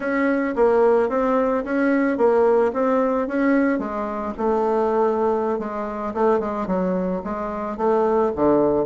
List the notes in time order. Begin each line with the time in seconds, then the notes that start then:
0.00 C#4
0.55 A#3
1.09 C4
1.64 C#4
2.17 A#3
2.73 C4
3.27 C#4
3.78 G#3
4.37 A3
5.59 G#3
6.14 A3
6.39 G#3
6.66 F#3
7.23 G#3
7.77 A3
8.35 D3